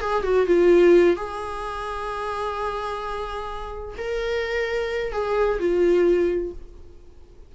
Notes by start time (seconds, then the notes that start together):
0.00 G#4
0.23 F#4
0.46 F4
1.16 G#4
3.97 A#4
5.12 G#4
5.59 F4